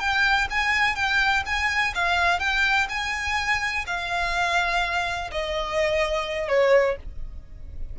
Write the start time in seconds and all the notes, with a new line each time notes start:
0.00 G5
0.51 G#5
0.96 G5
1.46 G#5
1.95 F5
2.40 G5
2.89 G#5
3.87 F5
5.31 D#5
6.48 C#5